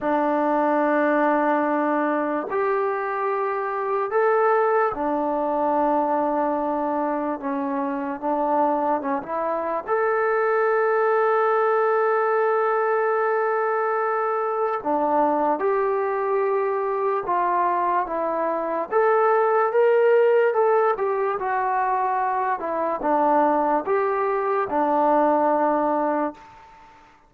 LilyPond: \new Staff \with { instrumentName = "trombone" } { \time 4/4 \tempo 4 = 73 d'2. g'4~ | g'4 a'4 d'2~ | d'4 cis'4 d'4 cis'16 e'8. | a'1~ |
a'2 d'4 g'4~ | g'4 f'4 e'4 a'4 | ais'4 a'8 g'8 fis'4. e'8 | d'4 g'4 d'2 | }